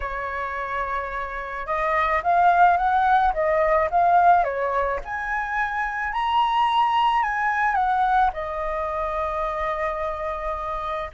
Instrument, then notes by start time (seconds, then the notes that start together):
flute
0.00 C#5
1.66 D#5
2.23 F5
2.77 F#5
3.33 D#5
3.90 F5
4.44 C#5
5.04 G#5
6.12 A#5
7.22 G#5
7.74 F#5
8.33 D#5